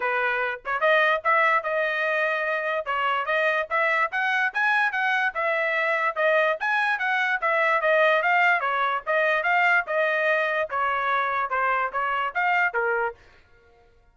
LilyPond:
\new Staff \with { instrumentName = "trumpet" } { \time 4/4 \tempo 4 = 146 b'4. cis''8 dis''4 e''4 | dis''2. cis''4 | dis''4 e''4 fis''4 gis''4 | fis''4 e''2 dis''4 |
gis''4 fis''4 e''4 dis''4 | f''4 cis''4 dis''4 f''4 | dis''2 cis''2 | c''4 cis''4 f''4 ais'4 | }